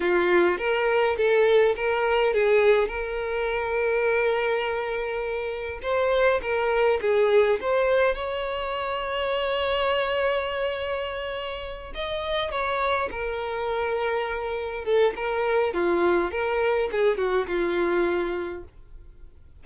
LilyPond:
\new Staff \with { instrumentName = "violin" } { \time 4/4 \tempo 4 = 103 f'4 ais'4 a'4 ais'4 | gis'4 ais'2.~ | ais'2 c''4 ais'4 | gis'4 c''4 cis''2~ |
cis''1~ | cis''8 dis''4 cis''4 ais'4.~ | ais'4. a'8 ais'4 f'4 | ais'4 gis'8 fis'8 f'2 | }